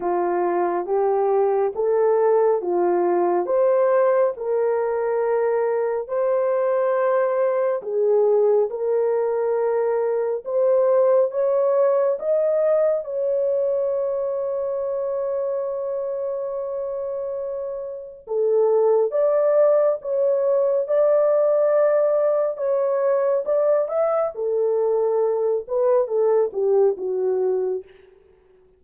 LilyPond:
\new Staff \with { instrumentName = "horn" } { \time 4/4 \tempo 4 = 69 f'4 g'4 a'4 f'4 | c''4 ais'2 c''4~ | c''4 gis'4 ais'2 | c''4 cis''4 dis''4 cis''4~ |
cis''1~ | cis''4 a'4 d''4 cis''4 | d''2 cis''4 d''8 e''8 | a'4. b'8 a'8 g'8 fis'4 | }